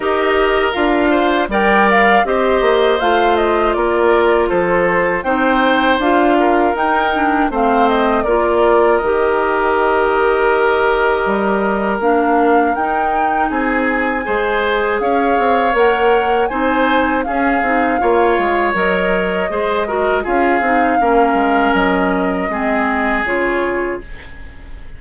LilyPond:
<<
  \new Staff \with { instrumentName = "flute" } { \time 4/4 \tempo 4 = 80 dis''4 f''4 g''8 f''8 dis''4 | f''8 dis''8 d''4 c''4 g''4 | f''4 g''4 f''8 dis''8 d''4 | dis''1 |
f''4 g''4 gis''2 | f''4 fis''4 gis''4 f''4~ | f''4 dis''2 f''4~ | f''4 dis''2 cis''4 | }
  \new Staff \with { instrumentName = "oboe" } { \time 4/4 ais'4. c''8 d''4 c''4~ | c''4 ais'4 a'4 c''4~ | c''8 ais'4. c''4 ais'4~ | ais'1~ |
ais'2 gis'4 c''4 | cis''2 c''4 gis'4 | cis''2 c''8 ais'8 gis'4 | ais'2 gis'2 | }
  \new Staff \with { instrumentName = "clarinet" } { \time 4/4 g'4 f'4 ais'4 g'4 | f'2. dis'4 | f'4 dis'8 d'8 c'4 f'4 | g'1 |
d'4 dis'2 gis'4~ | gis'4 ais'4 dis'4 cis'8 dis'8 | f'4 ais'4 gis'8 fis'8 f'8 dis'8 | cis'2 c'4 f'4 | }
  \new Staff \with { instrumentName = "bassoon" } { \time 4/4 dis'4 d'4 g4 c'8 ais8 | a4 ais4 f4 c'4 | d'4 dis'4 a4 ais4 | dis2. g4 |
ais4 dis'4 c'4 gis4 | cis'8 c'8 ais4 c'4 cis'8 c'8 | ais8 gis8 fis4 gis4 cis'8 c'8 | ais8 gis8 fis4 gis4 cis4 | }
>>